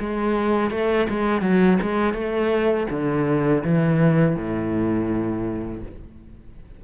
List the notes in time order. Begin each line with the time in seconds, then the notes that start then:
0.00 G#3
0.71 A3
1.09 G#3
1.42 F#3
1.82 G#3
2.14 A3
2.90 D3
3.64 E3
4.36 A2